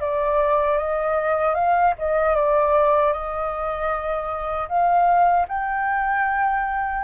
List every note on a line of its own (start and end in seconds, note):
0.00 0.77 D5
0.77 1.54 D#5
1.54 1.93 F5
1.98 2.35 D#5
2.35 3.12 D5
3.12 4.68 D#5
4.68 5.46 F5
5.48 7.04 G5